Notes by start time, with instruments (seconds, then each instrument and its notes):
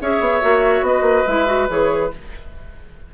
0.00 bassoon C#4, clarinet G#4, oboe C#5, flute E5
0.20 bassoon B3
0.41 bassoon A#3, clarinet F#4
0.81 bassoon B3, oboe B4, flute D#5
1.01 bassoon A#3
1.26 bassoon G#3, clarinet E4, flute E5
1.46 clarinet F#4
1.68 bassoon E3, clarinet G#4, flute C#5